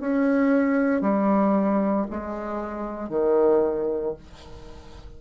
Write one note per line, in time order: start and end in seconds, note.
0.00 1.01 C#4
1.01 2.06 G3
2.10 3.09 G#3
3.09 4.14 D#3